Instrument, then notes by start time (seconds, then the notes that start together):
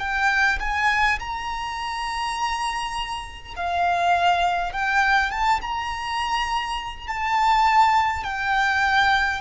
violin
0.00 G5
0.60 G#5
1.19 A#5
3.56 F5
4.73 G5
5.31 A5
5.61 A#5
7.07 A5
8.24 G5